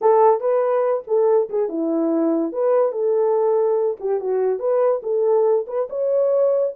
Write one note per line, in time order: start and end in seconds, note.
0.01 0.40 A4
0.40 1.03 B4
1.07 1.49 A4
1.49 1.68 G#4
1.68 2.52 E4
2.52 2.92 B4
2.92 3.97 A4
4.00 4.20 G4
4.20 4.59 F#4
4.59 5.01 B4
5.03 5.65 A4
5.67 5.88 B4
5.89 6.73 C#5